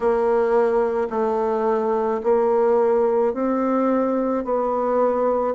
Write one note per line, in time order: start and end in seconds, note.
0.00 1.08 A#3
1.10 2.21 A3
2.23 3.33 A#3
3.33 4.44 C4
4.44 5.54 B3